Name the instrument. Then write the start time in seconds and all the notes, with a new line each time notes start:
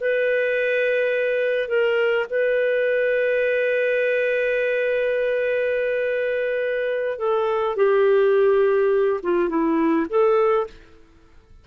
clarinet
0.00 B4
1.68 A#4
2.30 B4
7.19 A4
7.76 G4
9.23 F4
9.49 E4
10.09 A4